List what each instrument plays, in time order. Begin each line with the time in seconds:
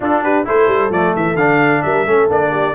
0.00 tuba D4, trombone D4, horn F4, trumpet A4
0.22 horn G4, trumpet B4
0.44 tuba A3, trombone E4, horn A4, trumpet C5
0.67 tuba G3
0.90 tuba F3, trombone A3, trumpet D5
1.16 tuba E3, trumpet E5
1.35 tuba D3, trombone D4, trumpet F5
1.82 tuba G3, horn A#4, trumpet E5
2.06 tuba A3, trombone C#4, horn A4
2.29 tuba A#3, trombone D4, trumpet D5
2.50 horn G4